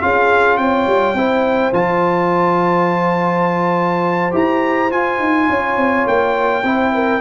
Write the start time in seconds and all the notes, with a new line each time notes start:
0.00 C#4 F4 G#4 F5
0.57 C4 C#5 G5
0.87 G3
1.14 C4 E4 C5
1.73 F3 F4 A5
4.31 E4 G4 A#5
4.90 F4 G#5
5.19 D#4
5.49 C#4 C#5
5.77 C4
6.07 A#3 G5
6.63 C4 E4 C5
6.94 A#4